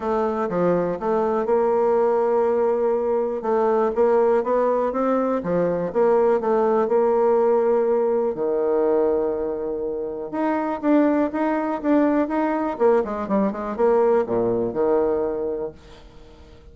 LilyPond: \new Staff \with { instrumentName = "bassoon" } { \time 4/4 \tempo 4 = 122 a4 f4 a4 ais4~ | ais2. a4 | ais4 b4 c'4 f4 | ais4 a4 ais2~ |
ais4 dis2.~ | dis4 dis'4 d'4 dis'4 | d'4 dis'4 ais8 gis8 g8 gis8 | ais4 ais,4 dis2 | }